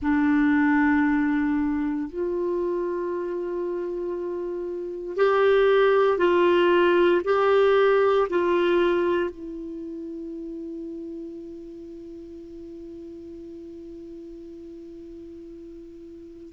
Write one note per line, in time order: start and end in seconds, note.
0.02 2.09 D4
2.09 5.17 F4
5.17 6.18 G4
6.18 7.21 F4
7.24 8.28 G4
8.29 9.30 F4
9.30 16.52 E4